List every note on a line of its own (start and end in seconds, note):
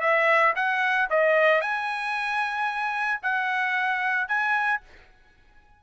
0.00 0.53 E5
0.55 1.08 F#5
1.10 1.61 D#5
1.61 3.21 G#5
3.22 4.28 F#5
4.28 4.81 G#5